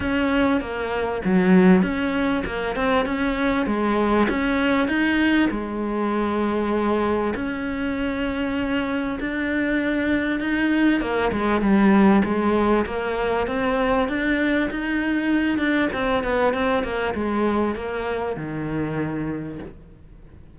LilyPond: \new Staff \with { instrumentName = "cello" } { \time 4/4 \tempo 4 = 98 cis'4 ais4 fis4 cis'4 | ais8 c'8 cis'4 gis4 cis'4 | dis'4 gis2. | cis'2. d'4~ |
d'4 dis'4 ais8 gis8 g4 | gis4 ais4 c'4 d'4 | dis'4. d'8 c'8 b8 c'8 ais8 | gis4 ais4 dis2 | }